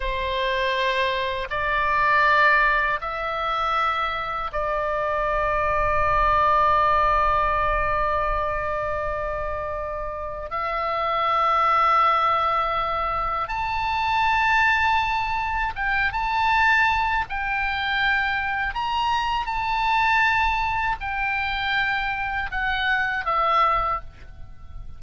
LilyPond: \new Staff \with { instrumentName = "oboe" } { \time 4/4 \tempo 4 = 80 c''2 d''2 | e''2 d''2~ | d''1~ | d''2 e''2~ |
e''2 a''2~ | a''4 g''8 a''4. g''4~ | g''4 ais''4 a''2 | g''2 fis''4 e''4 | }